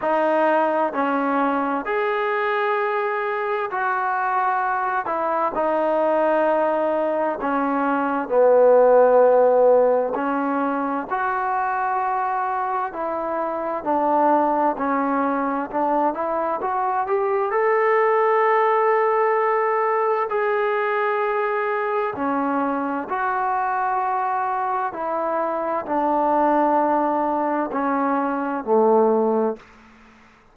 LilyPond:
\new Staff \with { instrumentName = "trombone" } { \time 4/4 \tempo 4 = 65 dis'4 cis'4 gis'2 | fis'4. e'8 dis'2 | cis'4 b2 cis'4 | fis'2 e'4 d'4 |
cis'4 d'8 e'8 fis'8 g'8 a'4~ | a'2 gis'2 | cis'4 fis'2 e'4 | d'2 cis'4 a4 | }